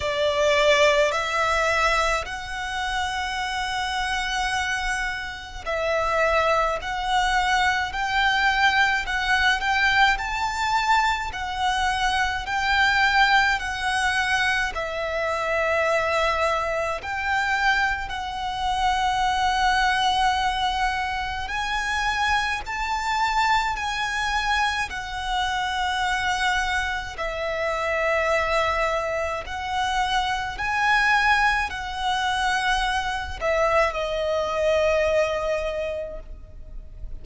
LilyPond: \new Staff \with { instrumentName = "violin" } { \time 4/4 \tempo 4 = 53 d''4 e''4 fis''2~ | fis''4 e''4 fis''4 g''4 | fis''8 g''8 a''4 fis''4 g''4 | fis''4 e''2 g''4 |
fis''2. gis''4 | a''4 gis''4 fis''2 | e''2 fis''4 gis''4 | fis''4. e''8 dis''2 | }